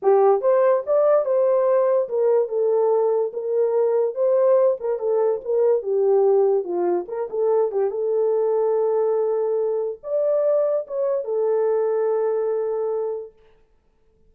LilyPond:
\new Staff \with { instrumentName = "horn" } { \time 4/4 \tempo 4 = 144 g'4 c''4 d''4 c''4~ | c''4 ais'4 a'2 | ais'2 c''4. ais'8 | a'4 ais'4 g'2 |
f'4 ais'8 a'4 g'8 a'4~ | a'1 | d''2 cis''4 a'4~ | a'1 | }